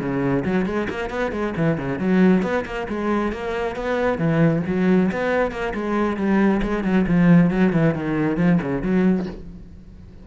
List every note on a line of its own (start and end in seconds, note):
0.00 0.44 C#3
0.45 0.66 F#3
0.66 0.88 G#3
0.89 1.10 A#3
1.10 1.32 B3
1.32 1.54 G#3
1.56 1.78 E3
1.78 1.99 C#3
1.99 2.42 F#3
2.42 2.64 B3
2.65 2.87 A#3
2.89 3.32 G#3
3.32 3.76 A#3
3.76 4.18 B3
4.18 4.62 E3
4.67 5.11 F#3
5.12 5.51 B3
5.51 5.73 A#3
5.74 6.17 G#3
6.17 6.61 G3
6.62 6.84 G#3
6.84 7.06 F#3
7.07 7.50 F3
7.50 7.72 F#3
7.72 7.94 E3
7.94 8.37 D#3
8.37 8.59 F3
8.62 8.82 C#3
8.82 9.26 F#3